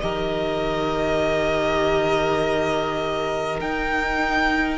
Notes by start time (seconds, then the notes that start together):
0.00 D#3 G4 A#4 D#5
3.60 D#4 G5